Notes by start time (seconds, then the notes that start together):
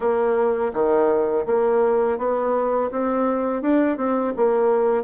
0.00 A#3
0.73 D#3
1.46 A#3
2.18 B3
2.91 C4
3.61 D4
3.97 C4
4.36 A#3